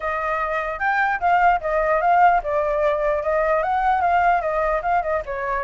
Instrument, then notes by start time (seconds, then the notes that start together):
flute
0.00 D#5
0.79 G5
1.20 F5
1.61 D#5
2.01 F5
2.43 D5
3.23 D#5
3.62 F#5
4.01 F5
4.41 D#5
4.82 F5
5.02 D#5
5.25 C#5